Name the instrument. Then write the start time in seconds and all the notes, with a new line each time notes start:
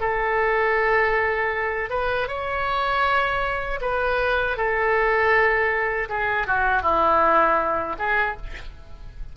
oboe
0.00 A4
1.90 B4
2.28 C#5
3.81 B4
4.57 A4
6.09 G#4
6.47 F#4
6.82 E4
7.99 G#4